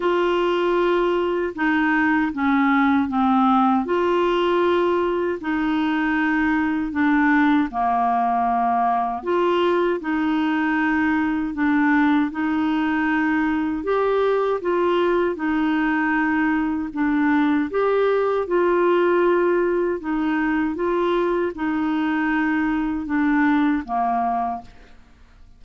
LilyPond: \new Staff \with { instrumentName = "clarinet" } { \time 4/4 \tempo 4 = 78 f'2 dis'4 cis'4 | c'4 f'2 dis'4~ | dis'4 d'4 ais2 | f'4 dis'2 d'4 |
dis'2 g'4 f'4 | dis'2 d'4 g'4 | f'2 dis'4 f'4 | dis'2 d'4 ais4 | }